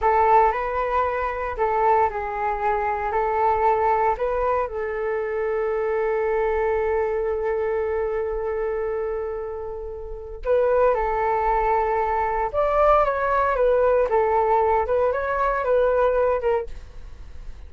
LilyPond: \new Staff \with { instrumentName = "flute" } { \time 4/4 \tempo 4 = 115 a'4 b'2 a'4 | gis'2 a'2 | b'4 a'2.~ | a'1~ |
a'1 | b'4 a'2. | d''4 cis''4 b'4 a'4~ | a'8 b'8 cis''4 b'4. ais'8 | }